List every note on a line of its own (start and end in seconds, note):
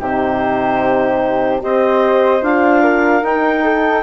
0.00 1.63 C3
0.00 1.59 D#4
0.00 1.62 G4
0.00 1.63 C5
1.59 2.42 C4
1.59 2.41 G4
1.59 2.82 C5
1.59 2.44 D#5
2.42 3.23 D4
2.42 3.23 F4
2.42 3.25 F5
2.82 3.63 A#4
3.23 4.03 D#4
3.23 4.03 G5
3.64 4.03 A4